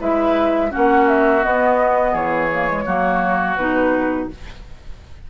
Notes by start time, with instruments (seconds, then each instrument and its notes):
0.00 bassoon G#3, clarinet E4, oboe B4, flute E5
0.71 bassoon A#3, clarinet C#4, oboe F#4, flute F#5
1.08 flute E5
1.43 clarinet B3, bassoon B3, flute D#5
2.12 bassoon E3, oboe G#4, flute C#5
2.52 clarinet A#3
2.68 clarinet G#3
2.86 bassoon F#3, clarinet A#3, oboe F#4
3.57 bassoon B2, clarinet D#4, flute B4